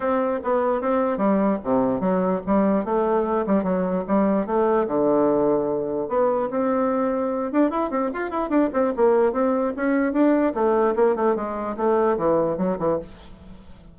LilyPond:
\new Staff \with { instrumentName = "bassoon" } { \time 4/4 \tempo 4 = 148 c'4 b4 c'4 g4 | c4 fis4 g4 a4~ | a8 g8 fis4 g4 a4 | d2. b4 |
c'2~ c'8 d'8 e'8 c'8 | f'8 e'8 d'8 c'8 ais4 c'4 | cis'4 d'4 a4 ais8 a8 | gis4 a4 e4 fis8 e8 | }